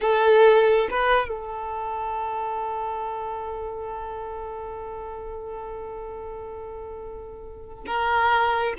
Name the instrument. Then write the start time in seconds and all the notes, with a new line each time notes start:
violin
0.00 A4
0.90 B4
1.28 A4
7.86 A#4